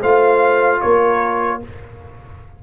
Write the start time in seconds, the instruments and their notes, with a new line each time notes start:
0.00 tuba A3, trombone F4, horn C5, trumpet F5
0.81 tuba A#3, horn A#4, trumpet C#5